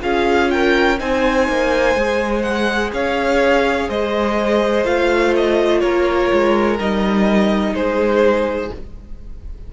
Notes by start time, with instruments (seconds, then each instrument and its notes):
0.00 cello C#4, viola F4, violin G#4 F5
0.50 violin A#4 G5
0.99 cello C4, viola D#4, violin C5 G#5
1.48 cello A#3
1.95 cello G#3, viola G#4
2.42 violin F#5
2.93 cello C#4, violin C#5 F5
3.88 cello G#3, violin C5 D#5
4.84 cello A3, viola F4, violin F5
5.36 violin D#5
5.80 cello A#3, violin A#4 C#5
6.32 cello G#3
6.79 cello G3, viola D#4, violin D#5
7.73 cello G#3, violin G#4 C5